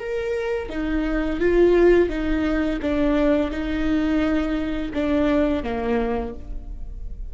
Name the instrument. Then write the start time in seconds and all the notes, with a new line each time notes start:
viola
0.00 A#4
0.70 D#4
1.40 F4
2.09 D#4
2.82 D4
3.51 D#4
4.94 D4
5.63 A#3